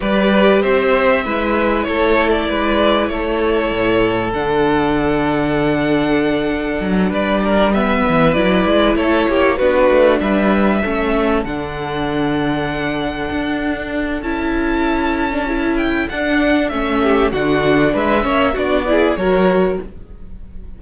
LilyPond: <<
  \new Staff \with { instrumentName = "violin" } { \time 4/4 \tempo 4 = 97 d''4 e''2 cis''8. d''16~ | d''4 cis''2 fis''4~ | fis''2.~ fis''8 d''8~ | d''8 e''4 d''4 cis''4 b'8~ |
b'8 e''2 fis''4.~ | fis''2. a''4~ | a''4. g''8 fis''4 e''4 | fis''4 e''4 d''4 cis''4 | }
  \new Staff \with { instrumentName = "violin" } { \time 4/4 b'4 c''4 b'4 a'4 | b'4 a'2.~ | a'2.~ a'8 b'8 | ais'8 b'2 a'8 g'8 fis'8~ |
fis'8 b'4 a'2~ a'8~ | a'1~ | a'2.~ a'8 g'8 | fis'4 b'8 cis''8 fis'8 gis'8 ais'4 | }
  \new Staff \with { instrumentName = "viola" } { \time 4/4 g'2 e'2~ | e'2. d'4~ | d'1~ | d'8 b4 e'2 d'8~ |
d'4. cis'4 d'4.~ | d'2. e'4~ | e'8. d'16 e'4 d'4 cis'4 | d'4. cis'8 d'8 e'8 fis'4 | }
  \new Staff \with { instrumentName = "cello" } { \time 4/4 g4 c'4 gis4 a4 | gis4 a4 a,4 d4~ | d2. fis8 g8~ | g4 e8 fis8 gis8 a8 ais8 b8 |
a8 g4 a4 d4.~ | d4. d'4. cis'4~ | cis'2 d'4 a4 | d4 gis8 ais8 b4 fis4 | }
>>